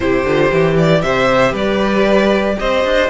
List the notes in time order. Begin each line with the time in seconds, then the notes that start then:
0.00 C3 E4 G4 C5
0.24 D3 F4
0.52 E3 G4
0.77 D5
1.02 C3 C5 E5
1.52 G3 B4 D5
2.58 C4 C5 D#5
2.84 D4